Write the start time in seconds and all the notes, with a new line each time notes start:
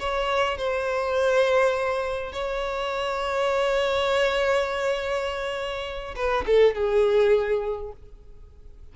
0.00 C#5
0.58 C5
2.33 C#5
6.16 B4
6.47 A4
6.75 G#4